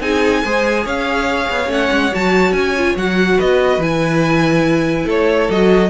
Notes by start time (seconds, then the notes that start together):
0.00 C4 D#4 G#4 G#5
0.44 G#3 G#4 C5
0.84 C#4 C#5 F5
1.50 B3
1.67 A3 C#4 F#5
1.91 G#3
2.12 F#3 F#4 A5
2.51 C#4 G#5
2.77 F4
2.96 F#3 F#4 F#5
3.37 B3 B4 D#5
3.77 E3 E4 G#5
5.05 A3 A4 C#5
5.49 F#3 F#4 D#5